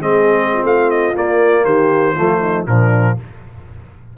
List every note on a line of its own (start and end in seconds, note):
0.00 0.63 G#3
0.00 1.15 C4
0.00 0.51 G#4
0.00 0.65 D#5
0.53 1.65 F4
0.63 1.14 A3
0.63 0.91 F5
0.91 1.16 D#5
1.15 2.16 A#3
1.15 1.65 A#3
1.15 1.65 D5
1.65 2.16 D#3
1.65 2.15 G4
1.65 2.66 C5
2.15 2.67 F3
2.15 2.67 A3
2.15 2.40 F4
2.41 2.67 D#4
2.67 3.17 A#2
2.67 3.17 F3
2.67 3.17 D4
2.67 3.18 A#4